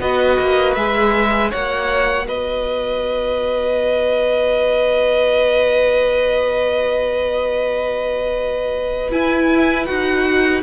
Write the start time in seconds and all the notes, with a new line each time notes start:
0.00 B3 F#4 B4 D#5
0.39 A#3
0.75 G#3 G#4 E5
1.50 A#3 F#4 C#5 F#5
2.27 B3 B4 D#5
9.11 E4 G#5
9.86 D#4 F#4 F#5